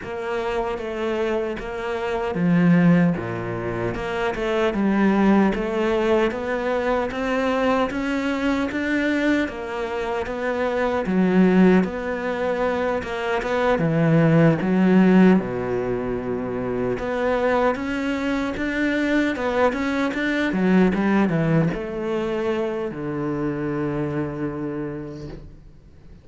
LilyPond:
\new Staff \with { instrumentName = "cello" } { \time 4/4 \tempo 4 = 76 ais4 a4 ais4 f4 | ais,4 ais8 a8 g4 a4 | b4 c'4 cis'4 d'4 | ais4 b4 fis4 b4~ |
b8 ais8 b8 e4 fis4 b,8~ | b,4. b4 cis'4 d'8~ | d'8 b8 cis'8 d'8 fis8 g8 e8 a8~ | a4 d2. | }